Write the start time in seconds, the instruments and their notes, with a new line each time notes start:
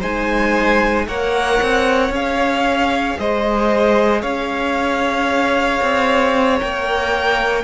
0.00 cello G#3, viola D#4, violin C5 G#5
1.07 cello A#3, viola A#4, violin C#5 F#5
1.62 cello C4
2.10 cello C#4, viola G#4, violin F5
3.19 cello G#3, violin C5 D#5
4.22 cello C#4, violin C#5 F5
5.82 cello C4
6.58 cello A#3, viola A#4, violin G5